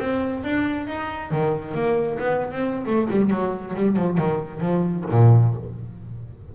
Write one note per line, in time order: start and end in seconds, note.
0.00 0.44 C4
0.44 0.87 D4
0.87 1.32 D#4
1.32 1.75 D#3
1.75 2.19 A#3
2.20 2.52 B3
2.52 2.85 C4
2.87 3.09 A3
3.11 3.31 G3
3.31 3.75 F#3
3.76 3.97 G3
3.97 4.18 F3
4.18 4.61 D#3
4.61 5.05 F3
5.11 5.55 A#2